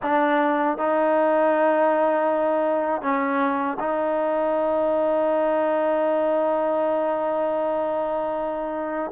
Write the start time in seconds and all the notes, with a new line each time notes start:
0.02 D4
0.77 D#4
3.01 C#4
3.79 D#4